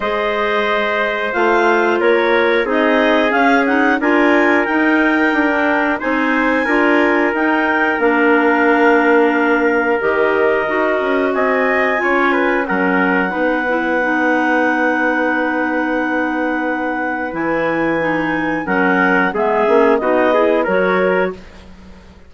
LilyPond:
<<
  \new Staff \with { instrumentName = "clarinet" } { \time 4/4 \tempo 4 = 90 dis''2 f''4 cis''4 | dis''4 f''8 fis''8 gis''4 g''4~ | g''4 gis''2 g''4 | f''2. dis''4~ |
dis''4 gis''2 fis''4~ | fis''1~ | fis''2 gis''2 | fis''4 e''4 dis''4 cis''4 | }
  \new Staff \with { instrumentName = "trumpet" } { \time 4/4 c''2. ais'4 | gis'2 ais'2~ | ais'4 c''4 ais'2~ | ais'1~ |
ais'4 dis''4 cis''8 b'8 ais'4 | b'1~ | b'1 | ais'4 gis'4 fis'8 gis'8 ais'4 | }
  \new Staff \with { instrumentName = "clarinet" } { \time 4/4 gis'2 f'2 | dis'4 cis'8 dis'8 f'4 dis'4~ | dis'16 d'8. dis'4 f'4 dis'4 | d'2. g'4 |
fis'2 f'4 cis'4 | dis'8 e'8 dis'2.~ | dis'2 e'4 dis'4 | cis'4 b8 cis'8 dis'8 e'8 fis'4 | }
  \new Staff \with { instrumentName = "bassoon" } { \time 4/4 gis2 a4 ais4 | c'4 cis'4 d'4 dis'4 | d'4 c'4 d'4 dis'4 | ais2. dis4 |
dis'8 cis'8 c'4 cis'4 fis4 | b1~ | b2 e2 | fis4 gis8 ais8 b4 fis4 | }
>>